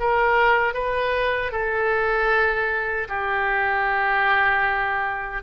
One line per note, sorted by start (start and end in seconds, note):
0.00 0.74 A#4
0.74 1.52 B4
1.52 3.08 A4
3.09 5.43 G4